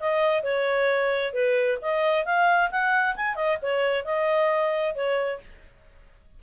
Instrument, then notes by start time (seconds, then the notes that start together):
clarinet
0.00 D#5
0.43 C#5
1.33 B4
1.82 D#5
2.25 F5
2.71 F#5
3.16 G#5
3.35 D#5
3.62 C#5
4.05 D#5
4.95 C#5